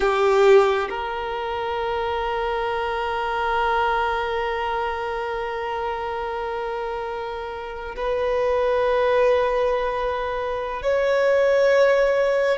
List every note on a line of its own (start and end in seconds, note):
0.00 0.88 G4
0.89 7.95 A#4
7.96 10.82 B4
10.82 12.58 C#5